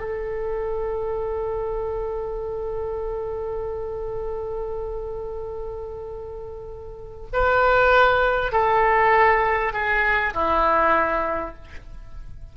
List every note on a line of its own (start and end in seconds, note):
0.00 7.27 A4
7.33 8.52 B4
8.52 9.73 A4
9.73 10.34 G#4
10.34 11.55 E4